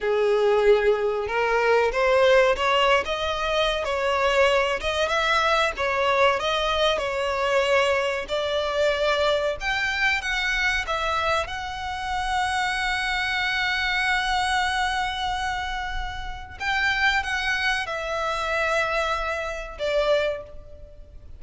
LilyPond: \new Staff \with { instrumentName = "violin" } { \time 4/4 \tempo 4 = 94 gis'2 ais'4 c''4 | cis''8. dis''4~ dis''16 cis''4. dis''8 | e''4 cis''4 dis''4 cis''4~ | cis''4 d''2 g''4 |
fis''4 e''4 fis''2~ | fis''1~ | fis''2 g''4 fis''4 | e''2. d''4 | }